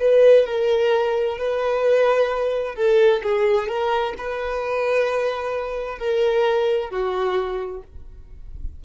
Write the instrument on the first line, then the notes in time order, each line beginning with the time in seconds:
violin
0.00 B4
0.46 A#4
1.38 B4
2.76 A4
3.23 G#4
3.68 A#4
4.18 B4
5.99 A#4
6.90 F#4